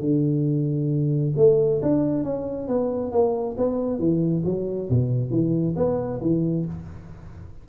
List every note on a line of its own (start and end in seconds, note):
0.00 1.32 D3
1.37 1.81 A3
1.82 2.24 D4
2.24 2.68 C#4
2.68 3.12 B3
3.12 3.56 A#3
3.57 3.99 B3
3.99 4.43 E3
4.45 4.89 F#3
4.90 5.30 B2
5.30 5.75 E3
5.76 6.20 B3
6.21 6.65 E3